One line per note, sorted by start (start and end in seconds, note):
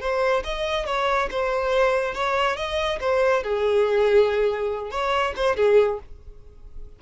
0.00 0.43 C5
0.44 0.86 D#5
0.86 1.29 C#5
1.31 2.14 C5
2.14 2.56 C#5
2.56 2.99 D#5
3.00 3.43 C5
3.43 4.90 G#4
4.90 5.33 C#5
5.36 5.56 C5
5.56 5.99 G#4